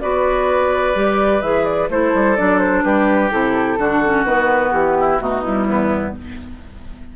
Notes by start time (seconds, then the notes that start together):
0.00 B3 F#4 B4 D5
0.94 G3 G4
1.41 E3 G#4 E5
1.64 D5
1.89 A3 E4 A4 C5
2.14 G3
2.36 F#3 D4 D5
2.58 C5
2.83 G3 G4 B4
3.30 C3 E4 A4
3.78 D3 D4 F#4
4.04 C#4
4.24 D#3 B3 B4
4.72 E3 G4
4.99 E4
5.19 B2 A3 D#4 F#4
5.43 G3 E4
5.67 E2 B3